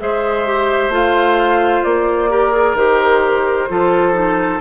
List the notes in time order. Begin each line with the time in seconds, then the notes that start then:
0.00 G#3 G#4 C5 E5
0.46 G4
0.89 A3 F4 F5
1.83 A#3 D5
2.30 G4 A#4
2.52 G#4
2.74 D#3 G4 C5
3.69 F3 F4 A4
4.13 D#4